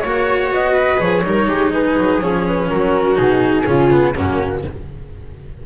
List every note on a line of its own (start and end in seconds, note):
0.00 0.51 A#3
0.00 0.97 F#4
0.00 0.48 C#5
0.00 0.72 C#5
0.51 0.99 B3
0.51 1.00 D#5
0.72 1.21 B4
0.97 1.23 F3
0.97 1.21 G#4
0.97 1.73 C#5
1.23 1.47 G3
1.23 2.21 D#4
1.23 1.47 A#4
1.47 1.96 G#3
1.47 1.71 G4
1.73 2.70 G#4
1.73 2.21 B4
1.97 2.21 F#3
2.21 2.69 F3
2.21 3.15 C#4
2.21 2.45 C#5
2.47 2.69 B4
2.69 3.18 F#3
2.69 3.67 F#4
2.69 3.17 A#4
3.15 3.66 B2
3.15 3.63 D#4
3.15 4.14 G#4
3.66 4.15 C#3
3.66 3.90 C#4
3.66 4.14 F4
3.90 4.14 B3
4.14 4.65 F#2
4.14 4.63 A#3
4.14 4.62 C#4
4.14 4.62 F#4